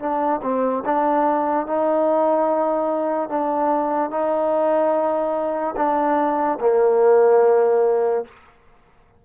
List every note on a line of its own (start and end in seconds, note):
0.00 0.41 D4
0.43 0.84 C4
0.86 1.67 D4
1.67 3.30 D#4
3.30 4.11 D4
4.11 5.75 D#4
5.76 6.59 D4
6.61 8.25 A#3